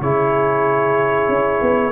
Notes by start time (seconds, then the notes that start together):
0.00 C#3 E4 G#4 C#5
1.28 C#4
1.62 B3